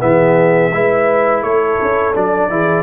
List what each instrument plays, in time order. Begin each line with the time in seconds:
0.00 tuba E3, trombone B3, horn G#4, trumpet E5
0.72 tuba G#3, trombone E4, horn B4
1.42 tuba A3, horn A4, trumpet C#5
1.81 tuba C#4
2.14 tuba F#3, trombone D4, trumpet D5
2.50 tuba E3, trombone E4, horn G#4